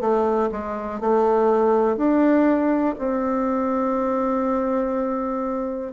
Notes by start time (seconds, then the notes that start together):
0.00 A3
0.51 G#3
1.00 A3
1.96 D4
2.98 C4